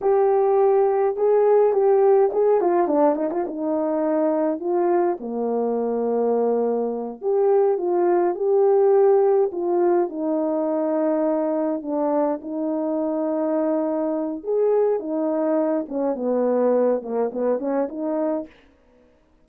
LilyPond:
\new Staff \with { instrumentName = "horn" } { \time 4/4 \tempo 4 = 104 g'2 gis'4 g'4 | gis'8 f'8 d'8 dis'16 f'16 dis'2 | f'4 ais2.~ | ais8 g'4 f'4 g'4.~ |
g'8 f'4 dis'2~ dis'8~ | dis'8 d'4 dis'2~ dis'8~ | dis'4 gis'4 dis'4. cis'8 | b4. ais8 b8 cis'8 dis'4 | }